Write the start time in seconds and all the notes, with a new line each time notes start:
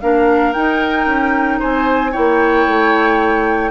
0.00 A#3 D4 A#4 F5
0.53 D#4 G5
1.06 C#4
1.59 C4 C5 G#5
2.11 A#3 E4 C#5 G5
2.66 A3